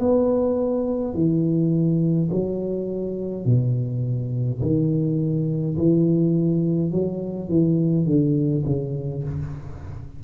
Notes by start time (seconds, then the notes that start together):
0.00 B3
1.14 E3
2.31 F#3
3.46 B2
4.62 D#3
5.77 E3
6.92 F#3
7.49 E3
8.07 D3
8.66 C#3